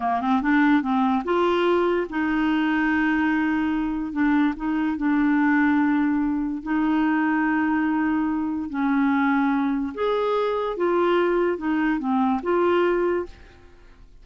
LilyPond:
\new Staff \with { instrumentName = "clarinet" } { \time 4/4 \tempo 4 = 145 ais8 c'8 d'4 c'4 f'4~ | f'4 dis'2.~ | dis'2 d'4 dis'4 | d'1 |
dis'1~ | dis'4 cis'2. | gis'2 f'2 | dis'4 c'4 f'2 | }